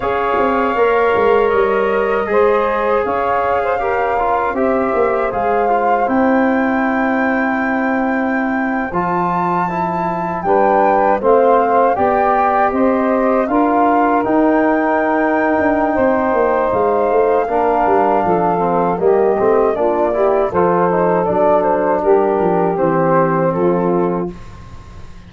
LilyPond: <<
  \new Staff \with { instrumentName = "flute" } { \time 4/4 \tempo 4 = 79 f''2 dis''2 | f''2 e''4 f''4 | g''2.~ g''8. a''16~ | a''4.~ a''16 g''4 f''4 g''16~ |
g''8. dis''4 f''4 g''4~ g''16~ | g''2 f''2~ | f''4 dis''4 d''4 c''4 | d''8 c''8 ais'4 c''4 a'4 | }
  \new Staff \with { instrumentName = "saxophone" } { \time 4/4 cis''2. c''4 | cis''8. c''16 ais'4 c''2~ | c''1~ | c''4.~ c''16 b'4 c''4 d''16~ |
d''8. c''4 ais'2~ ais'16~ | ais'4 c''2 ais'4 | a'4 g'4 f'8 g'8 a'4~ | a'4 g'2 f'4 | }
  \new Staff \with { instrumentName = "trombone" } { \time 4/4 gis'4 ais'2 gis'4~ | gis'4 g'8 f'8 g'4 gis'8 f'8 | e'2.~ e'8. f'16~ | f'8. e'4 d'4 c'4 g'16~ |
g'4.~ g'16 f'4 dis'4~ dis'16~ | dis'2. d'4~ | d'8 c'8 ais8 c'8 d'8 e'8 f'8 dis'8 | d'2 c'2 | }
  \new Staff \with { instrumentName = "tuba" } { \time 4/4 cis'8 c'8 ais8 gis8 g4 gis4 | cis'2 c'8 ais8 gis4 | c'2.~ c'8. f16~ | f4.~ f16 g4 a4 b16~ |
b8. c'4 d'4 dis'4~ dis'16~ | dis'8 d'8 c'8 ais8 gis8 a8 ais8 g8 | f4 g8 a8 ais4 f4 | fis4 g8 f8 e4 f4 | }
>>